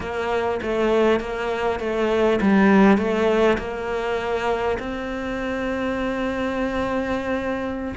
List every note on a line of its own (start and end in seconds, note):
0.00 0.60 A#3
0.61 1.20 A3
1.20 1.79 A#3
1.79 2.39 A3
2.41 2.97 G3
2.97 3.57 A3
3.58 4.78 A#3
4.79 7.94 C4